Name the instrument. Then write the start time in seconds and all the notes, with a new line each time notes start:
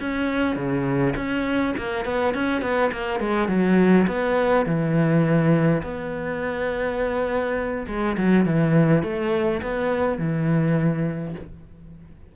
cello
0.00 C#4
0.56 C#3
1.16 C#4
1.77 A#3
2.05 B3
2.34 C#4
2.62 B3
2.92 A#3
3.20 G#3
3.48 F#3
4.07 B3
4.65 E3
5.83 B3
7.87 G#3
8.17 F#3
8.45 E3
9.03 A3
9.62 B3
10.18 E3